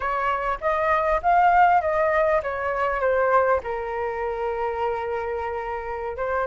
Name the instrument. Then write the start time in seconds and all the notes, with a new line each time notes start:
flute
0.00 C#5
0.61 D#5
1.22 F5
1.81 D#5
2.42 C#5
3.00 C5
3.63 A#4
6.16 C5